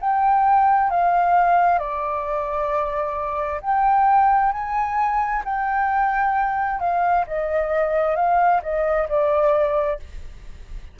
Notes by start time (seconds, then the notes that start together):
0.00 G5
0.90 F5
1.79 D5
3.62 G5
4.52 G#5
5.45 G5
6.80 F5
7.27 D#5
8.16 F5
8.63 D#5
9.09 D5